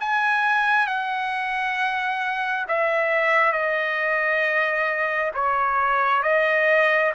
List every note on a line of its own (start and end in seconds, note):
0.00 0.87 G#5
0.87 2.66 F#5
2.68 3.53 E5
3.53 5.32 D#5
5.34 6.23 C#5
6.23 7.12 D#5